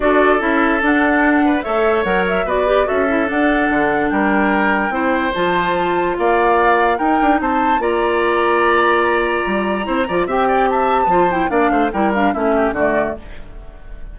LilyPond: <<
  \new Staff \with { instrumentName = "flute" } { \time 4/4 \tempo 4 = 146 d''4 e''4 fis''2 | e''4 fis''8 e''8 d''4 e''4 | fis''2 g''2~ | g''4 a''2 f''4~ |
f''4 g''4 a''4 ais''4~ | ais''1~ | ais''4 g''4 a''4. g''8 | f''4 g''8 f''8 e''4 d''4 | }
  \new Staff \with { instrumentName = "oboe" } { \time 4/4 a'2.~ a'8 b'8 | cis''2 b'4 a'4~ | a'2 ais'2 | c''2. d''4~ |
d''4 ais'4 c''4 d''4~ | d''1 | c''8 d''8 e''8 d''8 e''8. b16 c''4 | d''8 c''8 ais'4 e'8 g'8 fis'4 | }
  \new Staff \with { instrumentName = "clarinet" } { \time 4/4 fis'4 e'4 d'2 | a'4 ais'4 fis'8 g'8 fis'8 e'8 | d'1 | e'4 f'2.~ |
f'4 dis'2 f'4~ | f'1 | e'8 f'8 g'2 f'8 e'8 | d'4 e'8 d'8 cis'4 a4 | }
  \new Staff \with { instrumentName = "bassoon" } { \time 4/4 d'4 cis'4 d'2 | a4 fis4 b4 cis'4 | d'4 d4 g2 | c'4 f2 ais4~ |
ais4 dis'8 d'8 c'4 ais4~ | ais2. g4 | c'8 f8 c'2 f4 | ais8 a8 g4 a4 d4 | }
>>